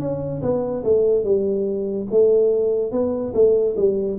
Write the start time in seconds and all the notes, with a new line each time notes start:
0.00 C#4
0.42 B3
0.84 A3
1.24 G3
2.11 A3
2.92 B3
3.34 A3
3.77 G3